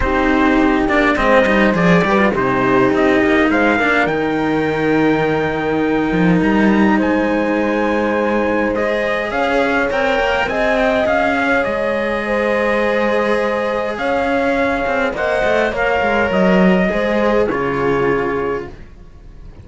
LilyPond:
<<
  \new Staff \with { instrumentName = "trumpet" } { \time 4/4 \tempo 4 = 103 c''4. d''8 dis''4 d''4 | c''4 dis''4 f''4 g''4~ | g''2. ais''4 | gis''2. dis''4 |
f''4 g''4 gis''8 g''8 f''4 | dis''1 | f''2 fis''4 f''4 | dis''2 cis''2 | }
  \new Staff \with { instrumentName = "horn" } { \time 4/4 g'2 c''4. b'8 | g'2 c''8 ais'4.~ | ais'1 | c''1 |
cis''2 dis''4. cis''8~ | cis''4 c''2. | cis''2 dis''4 cis''4~ | cis''4 c''4 gis'2 | }
  \new Staff \with { instrumentName = "cello" } { \time 4/4 dis'4. d'8 c'8 dis'8 gis'8 g'16 f'16 | dis'2~ dis'8 d'8 dis'4~ | dis'1~ | dis'2. gis'4~ |
gis'4 ais'4 gis'2~ | gis'1~ | gis'2 c''4 ais'4~ | ais'4 gis'4 f'2 | }
  \new Staff \with { instrumentName = "cello" } { \time 4/4 c'4. ais8 gis8 g8 f8 g8 | c4 c'8 ais8 gis8 ais8 dis4~ | dis2~ dis8 f8 g4 | gis1 |
cis'4 c'8 ais8 c'4 cis'4 | gis1 | cis'4. c'8 ais8 a8 ais8 gis8 | fis4 gis4 cis2 | }
>>